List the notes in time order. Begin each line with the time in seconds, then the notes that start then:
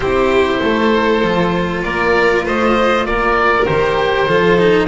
0.00 C4 E4 G4 C5
0.61 A3 A4
1.22 F3 F4
1.82 A#3 A#4 D5
2.45 A3 C5 D#5
3.05 A#3 A#4 D5
3.65 D#3 G4 C5
4.27 F3 F4 A4
4.58 D#4